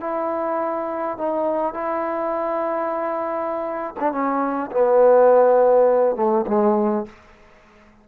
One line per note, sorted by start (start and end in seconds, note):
0.00 1.17 E4
1.17 1.74 D#4
1.74 3.94 E4
3.99 4.12 D4
4.12 4.71 C#4
4.71 6.16 B3
6.16 6.45 A3
6.47 7.06 G#3